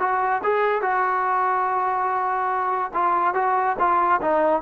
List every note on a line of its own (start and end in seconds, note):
0.00 0.42 F#4
0.44 0.82 G#4
0.82 2.92 F#4
2.94 3.34 F4
3.34 3.76 F#4
3.79 4.21 F4
4.21 4.62 D#4